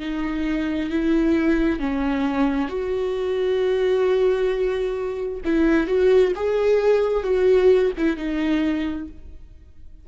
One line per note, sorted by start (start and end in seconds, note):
0.00 0.91 D#4
0.91 1.80 E4
1.80 2.69 C#4
2.69 5.42 F#4
5.45 5.88 E4
5.88 6.33 F#4
6.36 7.24 G#4
7.24 7.92 F#4
7.98 8.17 E4
8.17 9.08 D#4